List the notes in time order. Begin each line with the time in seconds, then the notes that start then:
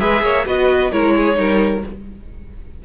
0.00 G#3 G#4 B4 E5
0.23 A#3 C#5
0.46 B3 F#4 B4 D#5
0.92 G#3 E4 A#4 C#5
1.17 G#4
1.35 G3 D#4 A#4